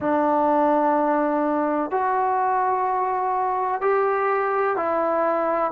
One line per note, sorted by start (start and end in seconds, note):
0.00 1.90 D4
1.90 3.81 F#4
3.81 4.76 G4
4.76 5.71 E4